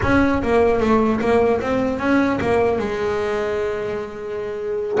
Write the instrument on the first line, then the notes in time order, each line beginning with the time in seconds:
double bass
0.02 C#4
0.43 A#3
0.80 A3
1.20 A#3
1.61 C4
1.99 C#4
2.40 A#3
2.79 G#3